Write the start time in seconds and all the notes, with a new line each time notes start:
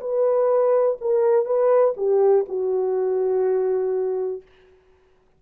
0.00 B4
1.00 A#4
1.45 B4
1.97 G4
2.48 F#4